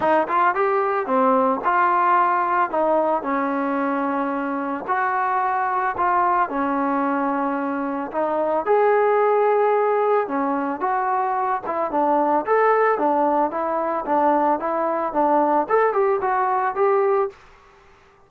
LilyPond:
\new Staff \with { instrumentName = "trombone" } { \time 4/4 \tempo 4 = 111 dis'8 f'8 g'4 c'4 f'4~ | f'4 dis'4 cis'2~ | cis'4 fis'2 f'4 | cis'2. dis'4 |
gis'2. cis'4 | fis'4. e'8 d'4 a'4 | d'4 e'4 d'4 e'4 | d'4 a'8 g'8 fis'4 g'4 | }